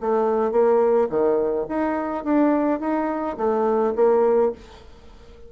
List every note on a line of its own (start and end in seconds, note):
0.00 0.51 A3
0.51 1.08 A#3
1.09 1.66 D#3
1.68 2.24 D#4
2.24 2.80 D4
2.80 3.36 D#4
3.37 3.94 A3
3.95 4.52 A#3